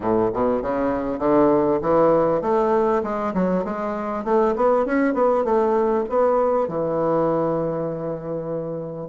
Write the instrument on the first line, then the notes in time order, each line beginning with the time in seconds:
bassoon
0.00 A2
0.33 B2
0.62 C#3
1.18 D3
1.81 E3
2.41 A3
3.03 G#3
3.34 F#3
3.64 G#3
4.24 A3
4.56 B3
4.85 C#4
5.14 B3
5.44 A3
6.09 B3
6.67 E3